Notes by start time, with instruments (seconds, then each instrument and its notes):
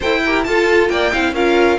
0.00 cello E4, viola A4, violin C5 G5
0.24 viola G4, violin A#4
0.43 viola F4, cello F4, violin A4 A5
0.89 cello A#3, violin D5 G5
1.12 cello C4, viola E4, violin F5
1.32 cello C#4, viola F4, violin A#4 F5